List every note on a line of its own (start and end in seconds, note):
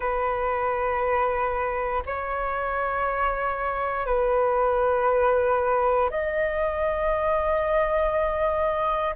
0.00 2.02 B4
2.06 4.06 C#5
4.06 6.09 B4
6.10 9.15 D#5